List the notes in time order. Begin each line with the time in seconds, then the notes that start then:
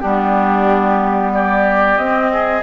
0.00 G3 B3 D4 G4
1.34 G4 D5
1.97 C4 D#5
2.33 G#4